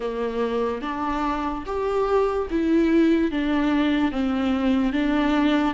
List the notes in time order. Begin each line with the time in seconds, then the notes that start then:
0.00 A#3
0.81 D4
1.66 G4
2.50 E4
3.31 D4
4.11 C4
4.92 D4